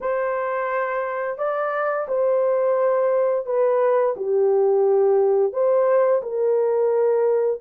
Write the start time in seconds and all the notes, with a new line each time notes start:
0.00 C5
1.38 D5
2.08 C5
3.45 B4
4.16 G4
5.52 C5
6.22 A#4